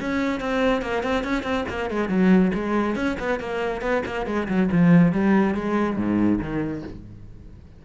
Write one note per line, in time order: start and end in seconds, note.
0.00 0.40 C#4
0.40 0.82 C4
0.82 1.03 A#3
1.03 1.24 C4
1.24 1.43 C#4
1.43 1.64 C4
1.69 1.90 A#3
1.90 2.08 G#3
2.08 2.51 F#3
2.54 2.95 G#3
2.95 3.16 C#4
3.19 3.40 B3
3.40 3.81 A#3
3.81 4.02 B3
4.05 4.26 A#3
4.26 4.48 G#3
4.48 4.69 F#3
4.72 5.12 F3
5.12 5.54 G3
5.54 5.96 G#3
5.96 6.39 G#2
6.40 6.83 D#3